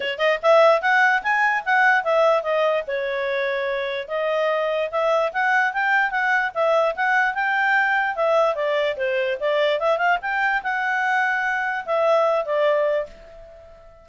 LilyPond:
\new Staff \with { instrumentName = "clarinet" } { \time 4/4 \tempo 4 = 147 cis''8 dis''8 e''4 fis''4 gis''4 | fis''4 e''4 dis''4 cis''4~ | cis''2 dis''2 | e''4 fis''4 g''4 fis''4 |
e''4 fis''4 g''2 | e''4 d''4 c''4 d''4 | e''8 f''8 g''4 fis''2~ | fis''4 e''4. d''4. | }